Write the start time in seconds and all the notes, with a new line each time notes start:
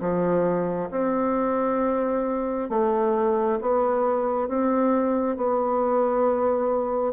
0.00 F3
0.90 C4
2.69 A3
3.61 B3
4.48 C4
5.36 B3